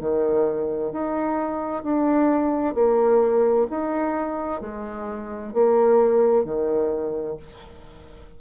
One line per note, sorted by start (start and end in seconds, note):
0.00 0.92 D#3
0.92 1.83 D#4
1.83 2.75 D4
2.75 3.67 A#3
3.70 4.61 D#4
4.61 5.53 G#3
5.53 6.45 A#3
6.45 7.37 D#3